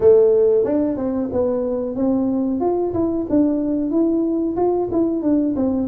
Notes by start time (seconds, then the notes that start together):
0.00 A3
0.64 D4
0.96 C4
1.32 B3
1.95 C4
2.60 F4
2.93 E4
3.29 D4
3.90 E4
4.56 F4
4.92 E4
5.22 D4
5.56 C4